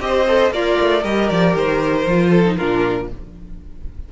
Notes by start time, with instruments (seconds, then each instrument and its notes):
0.00 cello C4, viola G4, violin C5 D#5
0.28 viola A4
0.51 cello A#3, violin F4 D5, viola A#4
0.81 cello A3
1.01 cello G3, viola G4, violin A#4 D#5
1.29 cello F3, violin D5
1.54 cello D#3, violin C5
2.07 cello F3, viola F4
2.30 violin A4
2.46 viola D#4
2.56 cello A#2, viola D4, violin F4 A#4